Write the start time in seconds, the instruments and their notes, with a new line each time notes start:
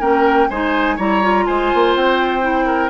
0.00 bassoon A#3, clarinet C#4, oboe A#4, flute G5
0.49 bassoon G#3, clarinet D#4, oboe C5, flute G#5
0.96 bassoon G3, clarinet E4, oboe C#5, flute A#5
1.22 clarinet F4
1.46 bassoon G#3, oboe C5, flute G#5
1.74 bassoon A#3
1.95 bassoon C4, flute G5
2.42 clarinet E4
2.66 oboe A#4